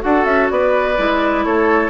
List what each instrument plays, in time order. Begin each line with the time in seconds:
0.00 bassoon D4, clarinet F#4, oboe A4, flute F#5
0.25 bassoon C#4, flute E5
0.50 bassoon B3, oboe B4, flute D5
0.98 bassoon G#3, clarinet E4
1.45 bassoon A3, oboe A4, flute C#5